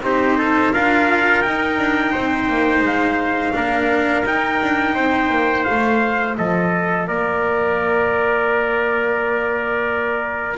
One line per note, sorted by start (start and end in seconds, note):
0.00 0.71 C4
0.00 0.74 D#4
0.00 0.38 G4
0.00 0.74 C5
0.38 0.73 A4
0.73 1.45 D4
0.73 1.44 F4
0.73 2.12 A#4
0.73 1.42 F5
1.42 3.53 D#4
1.42 1.78 D#4
1.42 2.83 G5
1.78 2.13 D4
2.12 2.50 C4
2.12 3.54 C5
2.50 2.81 A#3
2.81 3.52 G#3
2.81 4.27 F5
3.53 4.25 A#3
3.53 4.24 D4
3.53 4.95 A#4
4.25 4.60 D#4
4.25 5.65 D#4
4.25 5.65 G5
4.62 4.95 D4
4.95 5.30 C4
4.95 6.36 C5
5.30 5.65 A#3
5.65 6.39 A3
5.65 10.59 F4
5.65 6.35 F5
6.38 7.09 F3
6.38 7.08 A4
6.38 7.08 D#5
7.08 10.59 A#3
7.08 10.59 A#4
7.08 10.59 D5